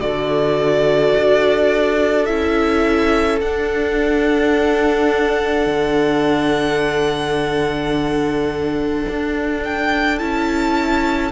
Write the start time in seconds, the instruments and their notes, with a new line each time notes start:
0.00 cello D3, viola F#4, violin A4 D5
1.17 cello D4
2.25 cello C#4, viola E4, violin E5
3.41 cello D4, viola D4, violin F#5
5.66 cello D3
9.08 cello D4
9.64 violin G5
10.19 cello C#4, viola E4, violin A5